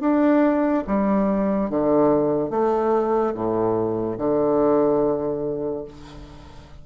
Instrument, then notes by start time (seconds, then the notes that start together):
bassoon
0.00 D4
0.87 G3
1.69 D3
2.50 A3
3.34 A2
4.17 D3